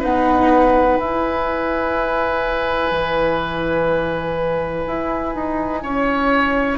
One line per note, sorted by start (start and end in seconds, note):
0.00 0.99 B3
0.00 0.98 D#4
0.00 5.81 B4
0.00 0.98 F#5
0.98 6.78 E4
0.98 2.91 E4
0.98 6.78 G#5
2.91 4.85 E3
4.87 5.35 E4
5.35 5.83 D#4
5.83 6.78 C#4
5.83 6.78 C#5